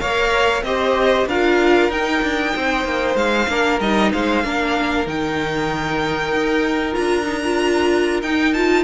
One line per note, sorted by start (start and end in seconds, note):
0.00 0.63 A#3
0.00 0.64 A#4
0.00 0.64 C#5
0.00 0.63 F5
0.63 1.26 C4
0.63 1.29 G4
0.63 1.28 C5
0.63 1.27 D#5
1.26 1.89 D4
1.26 1.91 F4
1.26 2.54 A#4
1.26 1.92 F5
1.89 2.21 D#4
1.89 3.48 D#4
1.89 3.16 G5
2.22 2.54 D4
2.56 2.84 C4
2.56 3.50 C5
2.84 3.15 A#3
3.15 3.47 G#3
3.15 3.79 F5
3.49 3.80 A#3
3.49 3.81 D4
3.49 4.13 A#4
3.80 4.12 G3
3.80 4.44 D#4
3.80 4.12 D#5
4.13 4.44 G#3
4.13 4.45 C5
4.13 5.07 F5
4.44 5.07 A#3
4.44 5.06 D4
4.44 8.84 A#4
5.06 6.33 D#3
5.06 6.92 D#4
5.06 6.94 G5
6.33 6.96 D#4
6.92 8.22 D4
6.92 7.24 F4
6.92 8.21 A#5
7.26 7.42 D#4
7.45 8.23 F4
8.22 8.84 D#4
8.22 8.55 D#4
8.22 8.54 G5
8.54 8.84 F4
8.54 8.84 A5